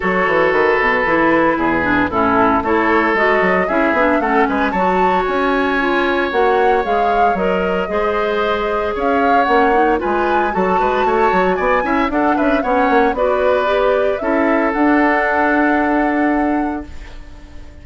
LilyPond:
<<
  \new Staff \with { instrumentName = "flute" } { \time 4/4 \tempo 4 = 114 cis''4 b'2. | a'4 cis''4 dis''4 e''4 | fis''8 gis''8 a''4 gis''2 | fis''4 f''4 dis''2~ |
dis''4 f''4 fis''4 gis''4 | a''2 gis''4 fis''8 e''8 | fis''4 d''2 e''4 | fis''1 | }
  \new Staff \with { instrumentName = "oboe" } { \time 4/4 a'2. gis'4 | e'4 a'2 gis'4 | a'8 b'8 cis''2.~ | cis''2. c''4~ |
c''4 cis''2 b'4 | a'8 b'8 cis''4 d''8 e''8 a'8 b'8 | cis''4 b'2 a'4~ | a'1 | }
  \new Staff \with { instrumentName = "clarinet" } { \time 4/4 fis'2 e'4. d'8 | cis'4 e'4 fis'4 e'8 d'8 | cis'4 fis'2 f'4 | fis'4 gis'4 ais'4 gis'4~ |
gis'2 cis'8 dis'8 f'4 | fis'2~ fis'8 e'8 d'4 | cis'4 fis'4 g'4 e'4 | d'1 | }
  \new Staff \with { instrumentName = "bassoon" } { \time 4/4 fis8 e8 dis8 b,8 e4 e,4 | a,4 a4 gis8 fis8 cis'8 b8 | a8 gis8 fis4 cis'2 | ais4 gis4 fis4 gis4~ |
gis4 cis'4 ais4 gis4 | fis8 gis8 a8 fis8 b8 cis'8 d'8 cis'8 | b8 ais8 b2 cis'4 | d'1 | }
>>